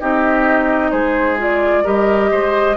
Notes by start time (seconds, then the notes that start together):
0.00 C4 D#4 G4 D#5
0.91 G#3 G#4 C5
1.37 F4 D5
1.83 G3 G4 A#4 D#5
2.31 G#3 C5